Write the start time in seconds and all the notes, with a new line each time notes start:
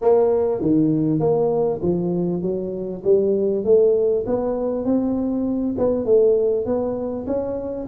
0.01 A#3
0.61 D#3
1.19 A#3
1.82 F3
2.42 F#3
3.04 G3
3.64 A3
4.26 B3
4.85 C4
5.77 B3
6.05 A3
6.65 B3
7.26 C#4